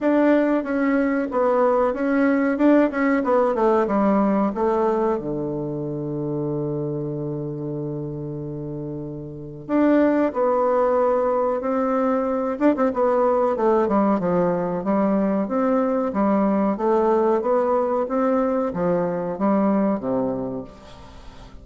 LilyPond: \new Staff \with { instrumentName = "bassoon" } { \time 4/4 \tempo 4 = 93 d'4 cis'4 b4 cis'4 | d'8 cis'8 b8 a8 g4 a4 | d1~ | d2. d'4 |
b2 c'4. d'16 c'16 | b4 a8 g8 f4 g4 | c'4 g4 a4 b4 | c'4 f4 g4 c4 | }